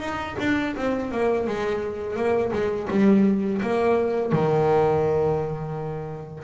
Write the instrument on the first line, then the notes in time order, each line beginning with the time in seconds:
double bass
0.00 D#4
0.40 D4
0.76 C4
1.12 A#3
1.47 G#3
2.16 A#3
2.53 G#3
2.90 G3
3.62 A#3
4.32 D#3